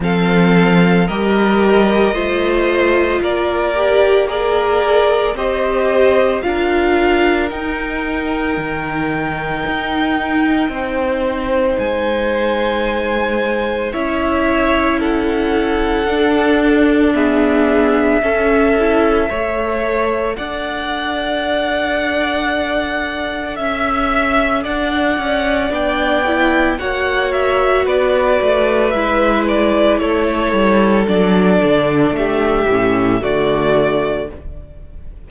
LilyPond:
<<
  \new Staff \with { instrumentName = "violin" } { \time 4/4 \tempo 4 = 56 f''4 dis''2 d''4 | ais'4 dis''4 f''4 g''4~ | g''2. gis''4~ | gis''4 e''4 fis''2 |
e''2. fis''4~ | fis''2 e''4 fis''4 | g''4 fis''8 e''8 d''4 e''8 d''8 | cis''4 d''4 e''4 d''4 | }
  \new Staff \with { instrumentName = "violin" } { \time 4/4 a'4 ais'4 c''4 ais'4 | d''4 c''4 ais'2~ | ais'2 c''2~ | c''4 cis''4 a'2 |
gis'4 a'4 cis''4 d''4~ | d''2 e''4 d''4~ | d''4 cis''4 b'2 | a'2 g'4 fis'4 | }
  \new Staff \with { instrumentName = "viola" } { \time 4/4 c'4 g'4 f'4. g'8 | gis'4 g'4 f'4 dis'4~ | dis'1~ | dis'4 e'2 d'4 |
b4 cis'8 e'8 a'2~ | a'1 | d'8 e'8 fis'2 e'4~ | e'4 d'4. cis'8 a4 | }
  \new Staff \with { instrumentName = "cello" } { \time 4/4 f4 g4 a4 ais4~ | ais4 c'4 d'4 dis'4 | dis4 dis'4 c'4 gis4~ | gis4 cis'2 d'4~ |
d'4 cis'4 a4 d'4~ | d'2 cis'4 d'8 cis'8 | b4 ais4 b8 a8 gis4 | a8 g8 fis8 d8 a8 a,8 d4 | }
>>